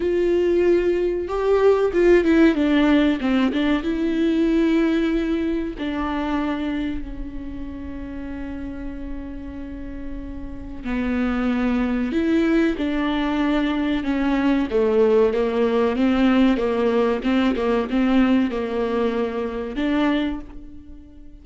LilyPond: \new Staff \with { instrumentName = "viola" } { \time 4/4 \tempo 4 = 94 f'2 g'4 f'8 e'8 | d'4 c'8 d'8 e'2~ | e'4 d'2 cis'4~ | cis'1~ |
cis'4 b2 e'4 | d'2 cis'4 a4 | ais4 c'4 ais4 c'8 ais8 | c'4 ais2 d'4 | }